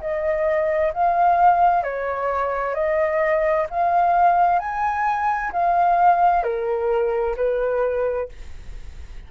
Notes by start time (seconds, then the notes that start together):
0.00 D#5
0.93 F5
1.83 C#5
2.74 D#5
3.70 F5
4.59 G#5
5.52 F5
6.43 A#4
7.36 B4